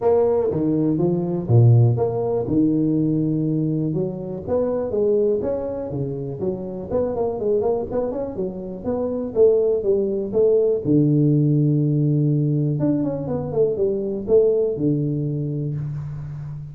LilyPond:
\new Staff \with { instrumentName = "tuba" } { \time 4/4 \tempo 4 = 122 ais4 dis4 f4 ais,4 | ais4 dis2. | fis4 b4 gis4 cis'4 | cis4 fis4 b8 ais8 gis8 ais8 |
b8 cis'8 fis4 b4 a4 | g4 a4 d2~ | d2 d'8 cis'8 b8 a8 | g4 a4 d2 | }